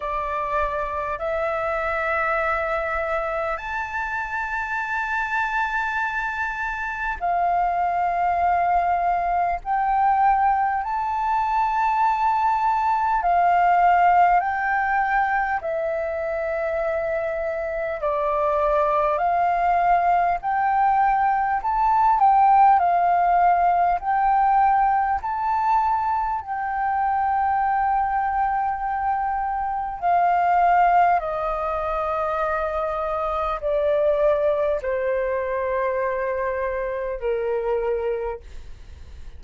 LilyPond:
\new Staff \with { instrumentName = "flute" } { \time 4/4 \tempo 4 = 50 d''4 e''2 a''4~ | a''2 f''2 | g''4 a''2 f''4 | g''4 e''2 d''4 |
f''4 g''4 a''8 g''8 f''4 | g''4 a''4 g''2~ | g''4 f''4 dis''2 | d''4 c''2 ais'4 | }